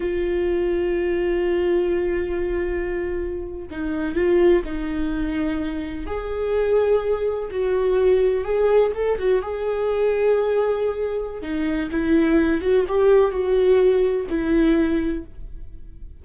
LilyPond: \new Staff \with { instrumentName = "viola" } { \time 4/4 \tempo 4 = 126 f'1~ | f'2.~ f'8. dis'16~ | dis'8. f'4 dis'2~ dis'16~ | dis'8. gis'2. fis'16~ |
fis'4.~ fis'16 gis'4 a'8 fis'8 gis'16~ | gis'1 | dis'4 e'4. fis'8 g'4 | fis'2 e'2 | }